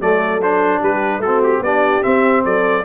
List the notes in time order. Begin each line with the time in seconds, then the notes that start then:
0.00 F#3 A3 A4 D5
0.41 D4 C5
0.80 G3 G4 B4
1.18 A3 F#4 A4
1.25 C4
1.43 G4
1.60 B3 D4 G4 D5
2.02 C4 E5
2.44 F#3 A4 D5